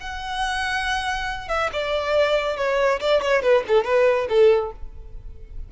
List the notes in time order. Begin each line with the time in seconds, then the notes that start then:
0.00 F#5
1.48 E5
1.72 D5
2.56 C#5
3.00 D5
3.21 C#5
3.42 B4
3.67 A4
3.84 B4
4.28 A4